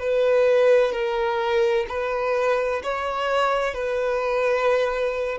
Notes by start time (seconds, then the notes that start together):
0.00 B4
0.93 A#4
1.89 B4
2.84 C#5
3.75 B4